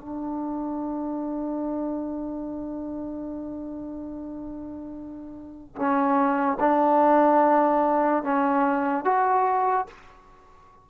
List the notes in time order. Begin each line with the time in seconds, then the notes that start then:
0.00 D4
5.76 C#4
6.60 D4
8.23 C#4
9.04 F#4